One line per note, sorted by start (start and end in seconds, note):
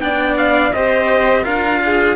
0.00 0.72 B3
0.00 0.73 D4
0.00 0.75 D5
0.00 0.36 G5
0.37 0.73 F5
0.73 1.45 C4
0.73 1.43 G4
0.73 1.44 C5
0.73 1.44 D#5
1.43 2.16 D4
1.43 2.15 F4
1.43 1.80 A#4
1.43 2.16 F5
1.85 2.16 G#4